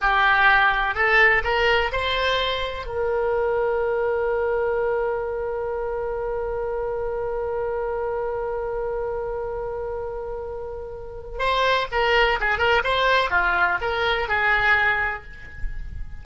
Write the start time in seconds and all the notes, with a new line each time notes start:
0.01 G4
0.94 A4
1.44 A#4
1.92 C5
2.86 A#4
11.39 C5
11.91 A#4
12.40 G#4
12.58 A#4
12.84 C5
13.30 F4
13.81 A#4
14.28 G#4